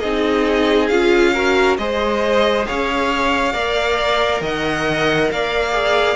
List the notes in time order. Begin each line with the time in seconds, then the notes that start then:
0.00 C4 D#4 G#4 D#5
0.89 C#4 F4 F5
1.34 F#4 A#4
1.78 G#3 G#4 C5 D#5
2.67 C#4 C#5 F5
3.53 A#3 A#4 D5
4.41 D#3 D#5 F#5
5.32 A#3 D5 F5
5.73 G#4